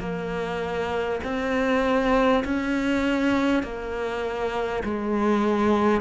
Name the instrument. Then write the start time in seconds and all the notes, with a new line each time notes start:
cello
0.00 A#3
1.24 C4
2.44 C#4
3.63 A#3
4.84 G#3